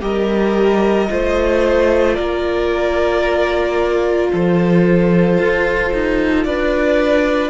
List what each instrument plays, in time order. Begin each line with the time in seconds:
0.00 cello G3, viola G4, violin A#4 D#5
1.08 cello A3, viola F4, violin C5
2.14 cello A#3, violin A#4 D5
4.32 cello F3, violin A4 C5
5.38 cello F4
5.92 cello D#4
6.44 cello D4, violin B4 D5